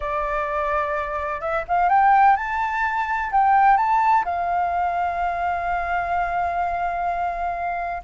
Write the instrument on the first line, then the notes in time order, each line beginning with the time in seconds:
flute
0.00 D5
1.40 E5
1.68 F5
1.89 G5
2.36 A5
3.31 G5
3.77 A5
4.24 F5